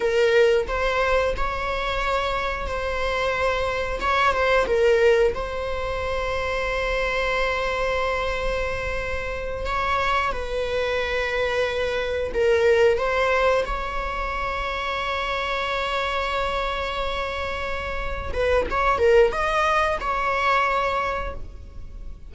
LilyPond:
\new Staff \with { instrumentName = "viola" } { \time 4/4 \tempo 4 = 90 ais'4 c''4 cis''2 | c''2 cis''8 c''8 ais'4 | c''1~ | c''2~ c''8 cis''4 b'8~ |
b'2~ b'8 ais'4 c''8~ | c''8 cis''2.~ cis''8~ | cis''2.~ cis''8 b'8 | cis''8 ais'8 dis''4 cis''2 | }